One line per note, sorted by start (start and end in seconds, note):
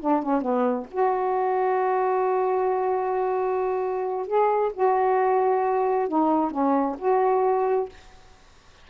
0.00 0.22 D4
0.22 0.41 C#4
0.41 0.86 B3
0.91 4.27 F#4
4.27 4.72 G#4
4.73 6.08 F#4
6.08 6.51 D#4
6.51 6.96 C#4
6.98 7.89 F#4